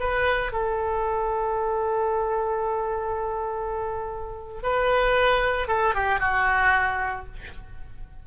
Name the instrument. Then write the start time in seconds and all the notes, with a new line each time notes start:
oboe
0.00 B4
0.52 A4
4.63 B4
5.68 A4
5.95 G4
6.20 F#4